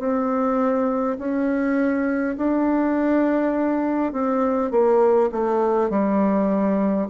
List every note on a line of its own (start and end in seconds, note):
0.00 1.18 C4
1.19 2.37 C#4
2.38 4.13 D4
4.13 4.71 C4
4.71 5.30 A#3
5.32 5.90 A3
5.90 7.08 G3